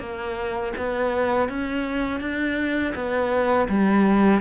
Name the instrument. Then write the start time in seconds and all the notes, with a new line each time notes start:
cello
0.00 A#3
0.77 B3
1.49 C#4
2.21 D4
2.95 B3
3.69 G3